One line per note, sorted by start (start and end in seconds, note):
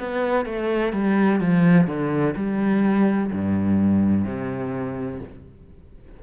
0.00 0.45 B3
0.45 0.93 A3
0.93 1.40 G3
1.40 1.87 F3
1.87 2.35 D3
2.36 3.31 G3
3.32 4.25 G2
4.25 5.20 C3